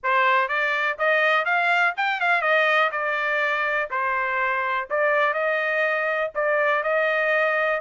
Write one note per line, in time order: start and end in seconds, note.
0.03 0.48 C5
0.48 0.97 D5
0.98 1.45 D#5
1.45 1.94 F5
1.96 2.20 G5
2.20 2.41 F5
2.41 2.90 D#5
2.91 3.89 D5
3.90 4.88 C5
4.90 5.33 D5
5.33 6.31 D#5
6.35 6.83 D5
6.83 7.80 D#5